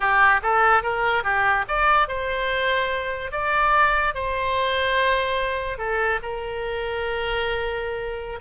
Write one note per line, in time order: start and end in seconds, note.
0.00 0.40 G4
0.42 0.83 A4
0.83 1.23 A#4
1.23 1.65 G4
1.67 2.07 D5
2.07 3.31 C5
3.31 4.14 D5
4.14 5.78 C5
5.78 6.19 A4
6.22 8.39 A#4